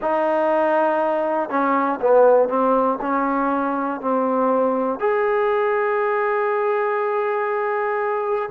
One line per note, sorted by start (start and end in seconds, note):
0.01 1.50 D#4
1.50 2.00 C#4
2.01 2.49 B3
2.49 2.99 C4
3.00 4.00 C#4
4.00 5.00 C4
5.00 8.50 G#4